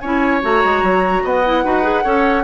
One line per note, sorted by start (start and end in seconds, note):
0.00 0.43 C#4
0.00 0.42 E4
0.00 1.23 C#5
0.00 0.41 G#5
0.42 0.64 A3
0.42 1.43 F#4
0.42 1.26 A#5
0.64 0.83 G#3
0.83 1.23 F#3
1.24 1.64 B3
1.24 1.64 D#5
1.24 2.44 F#5
1.45 1.64 E4
1.64 2.05 D#4
1.64 1.83 F#4
1.64 2.04 B4
1.83 2.03 G#4
2.04 2.44 C#4
2.04 2.44 A4
2.04 2.44 C#5